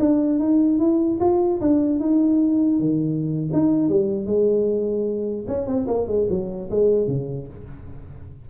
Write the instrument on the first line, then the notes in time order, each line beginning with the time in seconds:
tuba
0.00 D4
0.39 D#4
0.79 E4
1.21 F4
1.61 D4
2.00 D#4
2.80 D#3
3.53 D#4
3.89 G3
4.26 G#3
5.48 C#4
5.67 C4
5.88 A#3
6.07 G#3
6.30 F#3
6.71 G#3
7.08 C#3